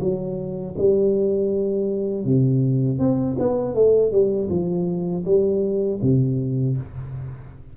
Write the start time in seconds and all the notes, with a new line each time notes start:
0.00 F#3
0.77 G3
2.24 C3
2.99 C4
3.39 B3
3.74 A3
4.11 G3
4.49 F3
5.25 G3
6.01 C3